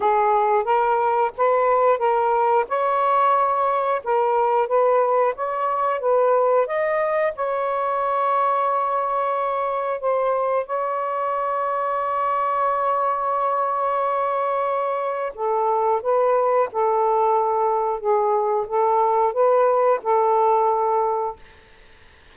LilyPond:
\new Staff \with { instrumentName = "saxophone" } { \time 4/4 \tempo 4 = 90 gis'4 ais'4 b'4 ais'4 | cis''2 ais'4 b'4 | cis''4 b'4 dis''4 cis''4~ | cis''2. c''4 |
cis''1~ | cis''2. a'4 | b'4 a'2 gis'4 | a'4 b'4 a'2 | }